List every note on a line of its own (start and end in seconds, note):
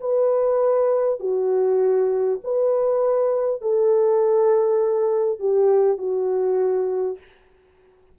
0.00 1.19 B4
1.19 2.39 F#4
2.44 3.62 B4
3.62 5.39 A4
5.39 5.98 G4
5.98 7.18 F#4